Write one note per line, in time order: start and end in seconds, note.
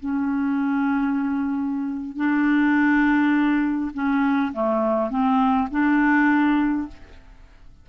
0.00 2.17 C#4
2.17 3.92 D4
3.94 4.53 C#4
4.53 5.11 A3
5.11 5.69 C4
5.71 6.88 D4